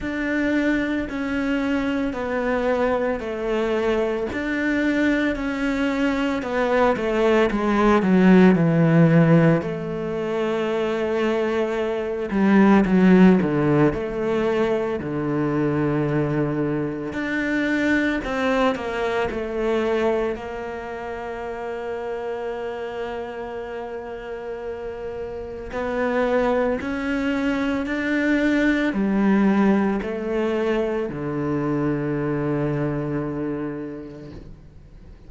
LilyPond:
\new Staff \with { instrumentName = "cello" } { \time 4/4 \tempo 4 = 56 d'4 cis'4 b4 a4 | d'4 cis'4 b8 a8 gis8 fis8 | e4 a2~ a8 g8 | fis8 d8 a4 d2 |
d'4 c'8 ais8 a4 ais4~ | ais1 | b4 cis'4 d'4 g4 | a4 d2. | }